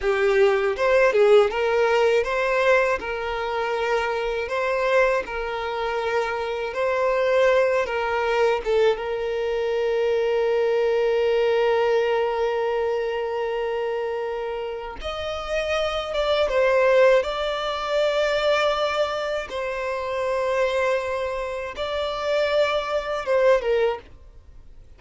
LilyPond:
\new Staff \with { instrumentName = "violin" } { \time 4/4 \tempo 4 = 80 g'4 c''8 gis'8 ais'4 c''4 | ais'2 c''4 ais'4~ | ais'4 c''4. ais'4 a'8 | ais'1~ |
ais'1 | dis''4. d''8 c''4 d''4~ | d''2 c''2~ | c''4 d''2 c''8 ais'8 | }